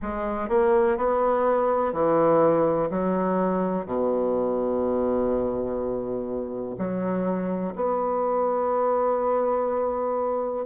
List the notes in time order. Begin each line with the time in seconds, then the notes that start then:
0.02 G#3
0.48 A#3
0.97 B3
1.92 E3
2.90 F#3
3.85 B2
6.77 F#3
7.75 B3